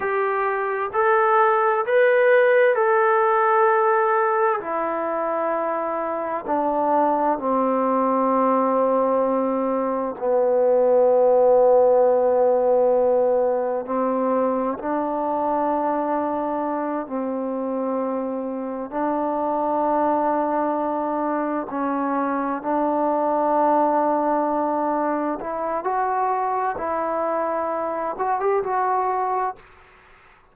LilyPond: \new Staff \with { instrumentName = "trombone" } { \time 4/4 \tempo 4 = 65 g'4 a'4 b'4 a'4~ | a'4 e'2 d'4 | c'2. b4~ | b2. c'4 |
d'2~ d'8 c'4.~ | c'8 d'2. cis'8~ | cis'8 d'2. e'8 | fis'4 e'4. fis'16 g'16 fis'4 | }